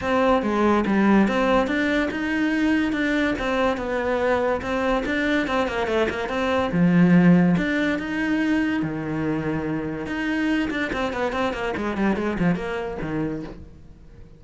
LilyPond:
\new Staff \with { instrumentName = "cello" } { \time 4/4 \tempo 4 = 143 c'4 gis4 g4 c'4 | d'4 dis'2 d'4 | c'4 b2 c'4 | d'4 c'8 ais8 a8 ais8 c'4 |
f2 d'4 dis'4~ | dis'4 dis2. | dis'4. d'8 c'8 b8 c'8 ais8 | gis8 g8 gis8 f8 ais4 dis4 | }